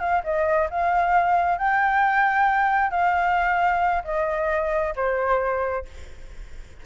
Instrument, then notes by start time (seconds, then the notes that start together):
flute
0.00 F5
0.24 D#5
0.71 F5
1.58 G5
2.91 F5
4.04 D#5
4.96 C5